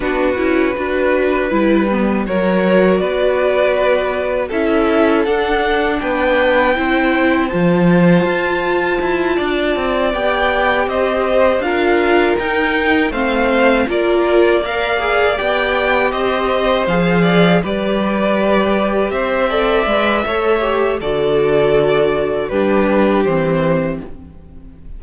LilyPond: <<
  \new Staff \with { instrumentName = "violin" } { \time 4/4 \tempo 4 = 80 b'2. cis''4 | d''2 e''4 fis''4 | g''2 a''2~ | a''4. g''4 dis''4 f''8~ |
f''8 g''4 f''4 d''4 f''8~ | f''8 g''4 dis''4 f''4 d''8~ | d''4. e''2~ e''8 | d''2 b'4 c''4 | }
  \new Staff \with { instrumentName = "violin" } { \time 4/4 fis'4 b'2 ais'4 | b'2 a'2 | b'4 c''2.~ | c''8 d''2 c''4 ais'8~ |
ais'4. c''4 ais'4 d''8~ | d''4. c''4. d''8 b'8~ | b'4. c''8 d''4 cis''4 | a'2 g'2 | }
  \new Staff \with { instrumentName = "viola" } { \time 4/4 d'8 e'8 fis'4 e'8 b8 fis'4~ | fis'2 e'4 d'4~ | d'4 e'4 f'2~ | f'4. g'2 f'8~ |
f'8 dis'4 c'4 f'4 ais'8 | gis'8 g'2 gis'4 g'8~ | g'2 a'8 b'8 a'8 g'8 | fis'2 d'4 c'4 | }
  \new Staff \with { instrumentName = "cello" } { \time 4/4 b8 cis'8 d'4 g4 fis4 | b2 cis'4 d'4 | b4 c'4 f4 f'4 | e'8 d'8 c'8 b4 c'4 d'8~ |
d'8 dis'4 a4 ais4.~ | ais8 b4 c'4 f4 g8~ | g4. c'4 gis8 a4 | d2 g4 e4 | }
>>